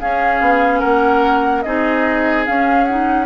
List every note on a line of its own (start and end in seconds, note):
0.00 1.65 C#4
0.00 0.41 C#4
0.00 0.80 G#4
0.00 0.80 F5
0.41 0.82 B3
0.80 1.66 A#3
0.80 1.62 A#4
0.80 1.62 F#5
1.63 2.48 C4
1.63 2.47 D#4
1.63 3.26 G#4
1.63 2.45 D#5
2.46 2.88 C#4
2.46 3.26 C#4
2.46 2.84 F5
2.84 3.26 D#4
2.84 3.26 F#5